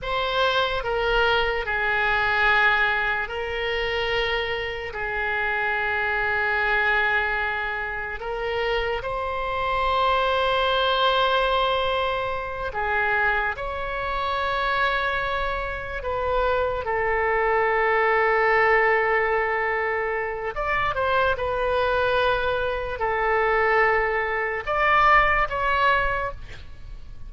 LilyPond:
\new Staff \with { instrumentName = "oboe" } { \time 4/4 \tempo 4 = 73 c''4 ais'4 gis'2 | ais'2 gis'2~ | gis'2 ais'4 c''4~ | c''2.~ c''8 gis'8~ |
gis'8 cis''2. b'8~ | b'8 a'2.~ a'8~ | a'4 d''8 c''8 b'2 | a'2 d''4 cis''4 | }